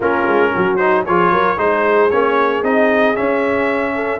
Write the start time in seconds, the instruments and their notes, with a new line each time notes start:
0.00 tuba A#3, trombone C#4, horn F4, trumpet A#4
0.27 tuba G#3
0.53 tuba F#3, horn F#4
0.76 trombone D#4, trumpet C5
1.06 tuba F3, trombone F4, horn G#4, trumpet C#5
1.30 tuba F#3, horn A#4
1.57 tuba G#3, trombone D#4, horn G#4, trumpet C5
2.10 tuba A#3, trombone C#4, trumpet C#5
2.62 tuba C4, trombone D#4, trumpet D#5
3.15 trombone C#4, tuba C#4, trumpet E5
3.94 horn A4